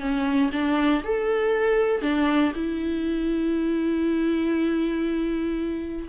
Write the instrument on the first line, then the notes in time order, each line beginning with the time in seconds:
viola
0.00 C#4
0.52 D4
1.04 A4
2.02 D4
2.55 E4